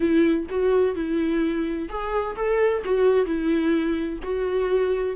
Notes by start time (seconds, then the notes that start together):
0.00 E4
0.49 F#4
0.95 E4
1.88 G#4
2.36 A4
2.84 F#4
3.25 E4
4.23 F#4